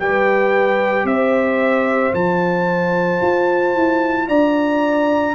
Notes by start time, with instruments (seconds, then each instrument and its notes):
0.00 tuba G3, trombone G4, horn B4, trumpet G5
1.04 tuba C4, horn C5, trumpet E5
2.13 tuba F3, trombone F4, trumpet A5
3.21 tuba F4
3.75 tuba E4
4.28 tuba D4, horn D5, trumpet A#5